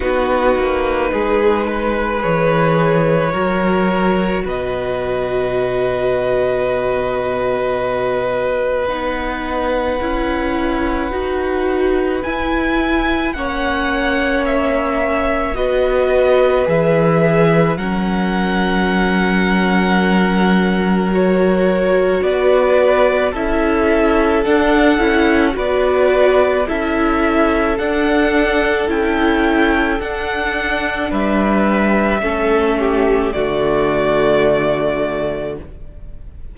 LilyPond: <<
  \new Staff \with { instrumentName = "violin" } { \time 4/4 \tempo 4 = 54 b'2 cis''2 | dis''1 | fis''2. gis''4 | fis''4 e''4 dis''4 e''4 |
fis''2. cis''4 | d''4 e''4 fis''4 d''4 | e''4 fis''4 g''4 fis''4 | e''2 d''2 | }
  \new Staff \with { instrumentName = "violin" } { \time 4/4 fis'4 gis'8 b'4. ais'4 | b'1~ | b'1 | cis''2 b'2 |
ais'1 | b'4 a'2 b'4 | a'1 | b'4 a'8 g'8 fis'2 | }
  \new Staff \with { instrumentName = "viola" } { \time 4/4 dis'2 gis'4 fis'4~ | fis'1 | dis'4 e'4 fis'4 e'4 | cis'2 fis'4 gis'4 |
cis'2. fis'4~ | fis'4 e'4 d'8 e'8 fis'4 | e'4 d'4 e'4 d'4~ | d'4 cis'4 a2 | }
  \new Staff \with { instrumentName = "cello" } { \time 4/4 b8 ais8 gis4 e4 fis4 | b,1 | b4 cis'4 dis'4 e'4 | ais2 b4 e4 |
fis1 | b4 cis'4 d'8 cis'8 b4 | cis'4 d'4 cis'4 d'4 | g4 a4 d2 | }
>>